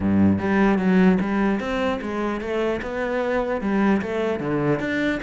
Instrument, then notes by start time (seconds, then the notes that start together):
cello
0.00 G2
0.39 G3
0.78 F#3
1.20 G3
1.60 C4
2.01 G#3
2.40 A3
2.82 B3
3.61 G3
4.01 A3
4.39 D3
4.79 D4